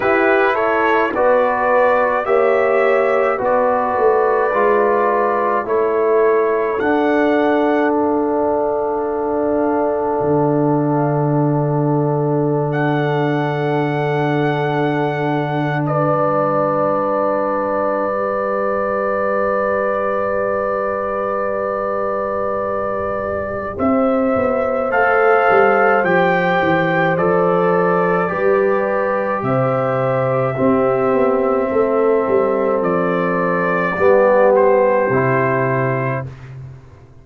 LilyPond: <<
  \new Staff \with { instrumentName = "trumpet" } { \time 4/4 \tempo 4 = 53 b'8 cis''8 d''4 e''4 d''4~ | d''4 cis''4 fis''4 f''4~ | f''2.~ f''16 fis''8.~ | fis''2 d''2~ |
d''1~ | d''4 e''4 f''4 g''4 | d''2 e''2~ | e''4 d''4. c''4. | }
  \new Staff \with { instrumentName = "horn" } { \time 4/4 g'8 a'8 b'4 cis''4 b'4~ | b'4 a'2.~ | a'1~ | a'2 b'2~ |
b'1~ | b'4 c''2.~ | c''4 b'4 c''4 g'4 | a'2 g'2 | }
  \new Staff \with { instrumentName = "trombone" } { \time 4/4 e'4 fis'4 g'4 fis'4 | f'4 e'4 d'2~ | d'1~ | d'1 |
g'1~ | g'2 a'4 g'4 | a'4 g'2 c'4~ | c'2 b4 e'4 | }
  \new Staff \with { instrumentName = "tuba" } { \time 4/4 e'4 b4 ais4 b8 a8 | gis4 a4 d'2~ | d'4 d2.~ | d2~ d16 g4.~ g16~ |
g1~ | g4 c'8 b8 a8 g8 f8 e8 | f4 g4 c4 c'8 b8 | a8 g8 f4 g4 c4 | }
>>